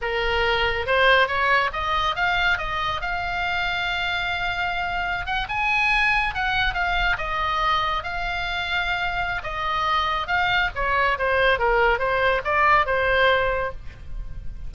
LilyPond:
\new Staff \with { instrumentName = "oboe" } { \time 4/4 \tempo 4 = 140 ais'2 c''4 cis''4 | dis''4 f''4 dis''4 f''4~ | f''1~ | f''16 fis''8 gis''2 fis''4 f''16~ |
f''8. dis''2 f''4~ f''16~ | f''2 dis''2 | f''4 cis''4 c''4 ais'4 | c''4 d''4 c''2 | }